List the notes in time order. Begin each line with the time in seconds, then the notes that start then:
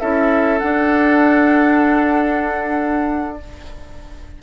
0.00 C#4 E4 A4 E5
0.59 D4 F#5